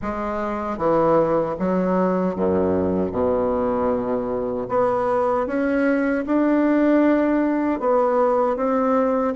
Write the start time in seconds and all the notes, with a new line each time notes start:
0.02 G#3
0.77 E3
1.59 F#3
2.36 F#2
3.11 B2
4.69 B3
5.47 C#4
6.26 D4
7.80 B3
8.56 C4